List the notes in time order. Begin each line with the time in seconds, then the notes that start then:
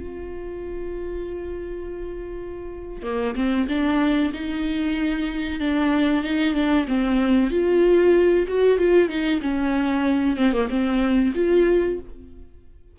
0.00 F4
3.03 A#3
3.36 C4
3.69 D4
4.34 D#4
5.61 D4
6.24 D#4
6.55 D4
6.88 C4
7.51 F4
8.48 F#4
8.78 F4
9.09 D#4
9.42 C#4
10.37 C4
10.53 A#3
10.70 C4
11.35 F4